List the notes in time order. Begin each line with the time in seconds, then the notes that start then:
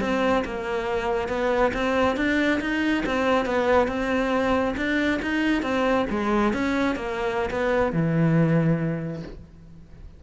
0.00 C4
0.44 A#3
1.28 B3
1.73 C4
2.16 D4
2.60 D#4
3.06 C4
3.45 B3
3.87 C4
4.76 D4
5.22 D#4
5.62 C4
6.10 G#3
6.53 C#4
6.95 A#3
7.50 B3
7.92 E3